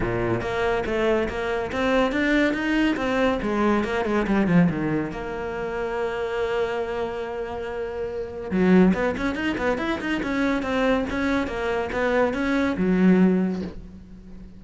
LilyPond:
\new Staff \with { instrumentName = "cello" } { \time 4/4 \tempo 4 = 141 ais,4 ais4 a4 ais4 | c'4 d'4 dis'4 c'4 | gis4 ais8 gis8 g8 f8 dis4 | ais1~ |
ais1 | fis4 b8 cis'8 dis'8 b8 e'8 dis'8 | cis'4 c'4 cis'4 ais4 | b4 cis'4 fis2 | }